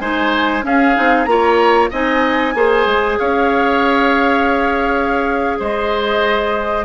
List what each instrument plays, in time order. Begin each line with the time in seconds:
0.00 bassoon G#3, clarinet D#4, oboe C5, flute G#5
0.63 clarinet C#4, bassoon C#4, oboe G#4, flute F5
0.96 bassoon C4, clarinet D#4
1.25 bassoon A#3, clarinet F4, flute A#5
1.32 oboe C#5
1.91 bassoon C4, clarinet D#4, oboe D#5, flute G#5
2.55 bassoon A#3, clarinet G#4, oboe C5
2.86 bassoon G#3
3.20 bassoon C#4, oboe C#5, flute F5
5.59 bassoon G#3, oboe C5, flute D#5